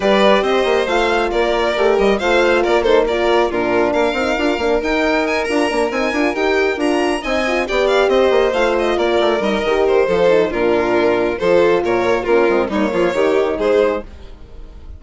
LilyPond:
<<
  \new Staff \with { instrumentName = "violin" } { \time 4/4 \tempo 4 = 137 d''4 dis''4 f''4 d''4~ | d''8 dis''8 f''4 d''8 c''8 d''4 | ais'4 f''2 g''4 | gis''8 ais''4 gis''4 g''4 ais''8~ |
ais''8 gis''4 g''8 f''8 dis''4 f''8 | dis''8 d''4 dis''4 c''4. | ais'2 c''4 cis''4 | ais'4 cis''2 c''4 | }
  \new Staff \with { instrumentName = "violin" } { \time 4/4 b'4 c''2 ais'4~ | ais'4 c''4 ais'8 a'8 ais'4 | f'4 ais'2.~ | ais'1~ |
ais'8 dis''4 d''4 c''4.~ | c''8 ais'2~ ais'8 a'4 | f'2 a'4 ais'4 | f'4 dis'8 f'8 g'4 gis'4 | }
  \new Staff \with { instrumentName = "horn" } { \time 4/4 g'2 f'2 | g'4 f'4. dis'8 f'4 | d'4. dis'8 f'8 d'8 dis'4~ | dis'8 f'8 d'8 dis'8 f'8 g'4 f'8~ |
f'8 dis'8 f'8 g'2 f'8~ | f'4. dis'8 g'4 f'8 dis'8 | d'2 f'2 | cis'8 c'8 ais4 dis'2 | }
  \new Staff \with { instrumentName = "bassoon" } { \time 4/4 g4 c'8 ais8 a4 ais4 | a8 g8 a4 ais2 | ais,4 ais8 c'8 d'8 ais8 dis'4~ | dis'8 d'8 ais8 c'8 d'8 dis'4 d'8~ |
d'8 c'4 b4 c'8 ais8 a8~ | a8 ais8 a8 g8 dis4 f4 | ais,2 f4 ais,4 | ais8 gis8 g8 f8 dis4 gis4 | }
>>